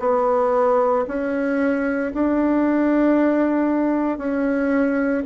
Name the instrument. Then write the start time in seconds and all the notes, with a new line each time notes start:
bassoon
0.00 B3
1.08 C#4
2.14 D4
4.18 C#4